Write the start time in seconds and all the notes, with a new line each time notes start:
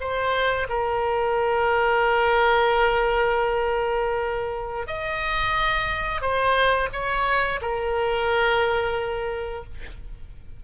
0.00 C5
0.69 A#4
4.87 D#5
6.21 C5
6.93 C#5
7.61 A#4